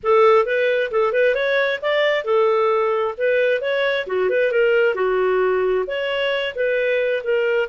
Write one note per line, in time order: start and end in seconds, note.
0.03 0.45 A4
0.45 0.90 B4
0.91 1.12 A4
1.12 1.34 B4
1.34 1.79 C#5
1.81 2.24 D5
2.24 3.14 A4
3.17 3.61 B4
3.61 4.06 C#5
4.06 4.29 F#4
4.29 4.51 B4
4.51 4.94 A#4
4.94 5.85 F#4
5.86 6.54 C#5
6.55 7.22 B4
7.23 7.68 A#4